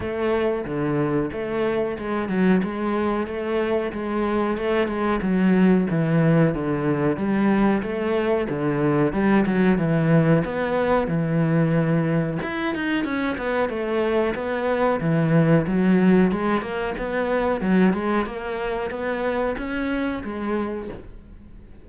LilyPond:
\new Staff \with { instrumentName = "cello" } { \time 4/4 \tempo 4 = 92 a4 d4 a4 gis8 fis8 | gis4 a4 gis4 a8 gis8 | fis4 e4 d4 g4 | a4 d4 g8 fis8 e4 |
b4 e2 e'8 dis'8 | cis'8 b8 a4 b4 e4 | fis4 gis8 ais8 b4 fis8 gis8 | ais4 b4 cis'4 gis4 | }